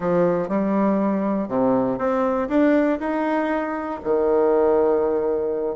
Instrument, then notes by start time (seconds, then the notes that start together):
bassoon
0.00 F3
0.48 G3
1.48 C3
1.98 C4
2.48 D4
2.99 D#4
4.04 D#3